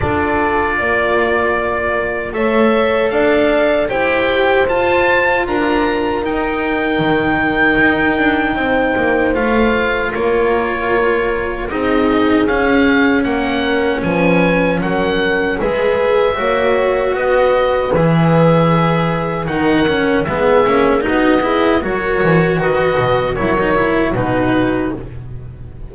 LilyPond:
<<
  \new Staff \with { instrumentName = "oboe" } { \time 4/4 \tempo 4 = 77 d''2. e''4 | f''4 g''4 a''4 ais''4 | g''1 | f''4 cis''2 dis''4 |
f''4 fis''4 gis''4 fis''4 | e''2 dis''4 e''4~ | e''4 fis''4 e''4 dis''4 | cis''4 dis''4 cis''4 b'4 | }
  \new Staff \with { instrumentName = "horn" } { \time 4/4 a'4 d''2 cis''4 | d''4 c''2 ais'4~ | ais'2. c''4~ | c''4 ais'2 gis'4~ |
gis'4 ais'4 b'4 ais'4 | b'4 cis''4 b'2~ | b'4 ais'4 gis'4 fis'8 gis'8 | ais'4 b'4 ais'4 fis'4 | }
  \new Staff \with { instrumentName = "cello" } { \time 4/4 f'2. a'4~ | a'4 g'4 f'2 | dis'1 | f'2. dis'4 |
cis'1 | gis'4 fis'2 gis'4~ | gis'4 dis'8 cis'8 b8 cis'8 dis'8 e'8 | fis'2 e'16 dis'16 e'8 dis'4 | }
  \new Staff \with { instrumentName = "double bass" } { \time 4/4 d'4 ais2 a4 | d'4 e'4 f'4 d'4 | dis'4 dis4 dis'8 d'8 c'8 ais8 | a4 ais2 c'4 |
cis'4 ais4 f4 fis4 | gis4 ais4 b4 e4~ | e4 dis4 gis8 ais8 b4 | fis8 e8 dis8 b,8 fis4 b,4 | }
>>